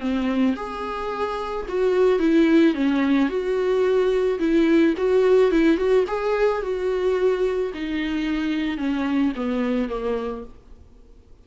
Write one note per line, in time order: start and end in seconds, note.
0.00 0.55 C4
0.56 1.66 G#4
1.69 2.19 F#4
2.19 2.74 E4
2.74 3.29 C#4
3.29 4.39 F#4
4.39 4.94 E4
4.97 5.51 F#4
5.51 5.77 E4
5.77 6.05 F#4
6.07 6.62 G#4
6.62 7.72 F#4
7.74 8.77 D#4
8.77 9.33 C#4
9.36 9.89 B3
9.89 10.44 A#3